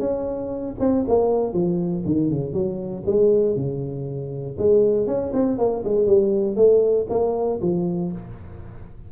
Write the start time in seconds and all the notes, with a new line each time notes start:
0.00 C#4
0.80 C4
1.08 A#3
1.53 F3
2.06 D#3
2.30 C#3
2.54 F#3
3.06 G#3
3.56 C#3
4.59 G#3
5.07 C#4
5.33 C4
5.58 A#3
5.85 G#3
6.07 G3
6.56 A3
7.10 A#3
7.62 F3